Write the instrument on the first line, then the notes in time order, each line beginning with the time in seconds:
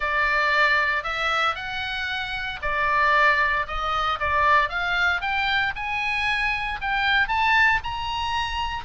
oboe
0.00 D5
1.03 E5
1.55 F#5
2.62 D5
3.67 D#5
4.19 D5
4.69 F5
5.21 G5
5.75 G#5
6.81 G5
7.28 A5
7.83 A#5